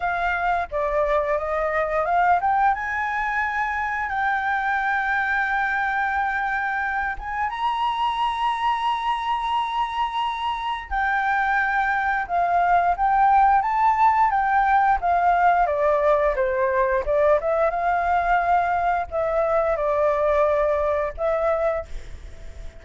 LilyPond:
\new Staff \with { instrumentName = "flute" } { \time 4/4 \tempo 4 = 88 f''4 d''4 dis''4 f''8 g''8 | gis''2 g''2~ | g''2~ g''8 gis''8 ais''4~ | ais''1 |
g''2 f''4 g''4 | a''4 g''4 f''4 d''4 | c''4 d''8 e''8 f''2 | e''4 d''2 e''4 | }